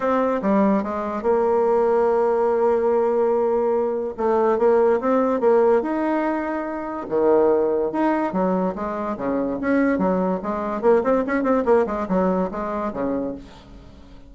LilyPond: \new Staff \with { instrumentName = "bassoon" } { \time 4/4 \tempo 4 = 144 c'4 g4 gis4 ais4~ | ais1~ | ais2 a4 ais4 | c'4 ais4 dis'2~ |
dis'4 dis2 dis'4 | fis4 gis4 cis4 cis'4 | fis4 gis4 ais8 c'8 cis'8 c'8 | ais8 gis8 fis4 gis4 cis4 | }